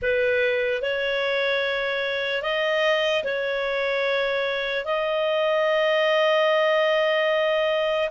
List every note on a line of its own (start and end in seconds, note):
0.02 0.82 B4
0.82 2.42 C#5
2.42 3.23 D#5
3.24 4.85 C#5
4.85 8.09 D#5